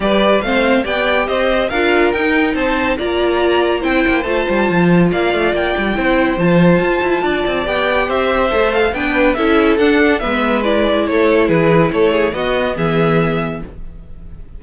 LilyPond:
<<
  \new Staff \with { instrumentName = "violin" } { \time 4/4 \tempo 4 = 141 d''4 f''4 g''4 dis''4 | f''4 g''4 a''4 ais''4~ | ais''4 g''4 a''2 | f''4 g''2 a''4~ |
a''2 g''4 e''4~ | e''8 f''8 g''4 e''4 fis''4 | e''4 d''4 cis''4 b'4 | cis''4 dis''4 e''2 | }
  \new Staff \with { instrumentName = "violin" } { \time 4/4 b'4 c''4 d''4 c''4 | ais'2 c''4 d''4~ | d''4 c''2. | d''2 c''2~ |
c''4 d''2 c''4~ | c''4 b'4 a'2 | b'2 a'4 gis'4 | a'8 gis'8 fis'4 gis'2 | }
  \new Staff \with { instrumentName = "viola" } { \time 4/4 g'4 c'4 g'2 | f'4 dis'2 f'4~ | f'4 e'4 f'2~ | f'2 e'4 f'4~ |
f'2 g'2 | a'4 d'4 e'4 d'4 | b4 e'2.~ | e'4 b2. | }
  \new Staff \with { instrumentName = "cello" } { \time 4/4 g4 a4 b4 c'4 | d'4 dis'4 c'4 ais4~ | ais4 c'8 ais8 a8 g8 f4 | ais8 a8 ais8 g8 c'4 f4 |
f'8 e'8 d'8 c'8 b4 c'4 | a4 b4 cis'4 d'4 | gis2 a4 e4 | a4 b4 e2 | }
>>